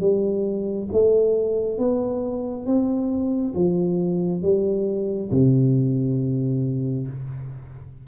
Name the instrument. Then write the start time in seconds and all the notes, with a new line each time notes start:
tuba
0.00 G3
0.92 A3
1.78 B3
2.66 C4
3.55 F3
4.42 G3
5.31 C3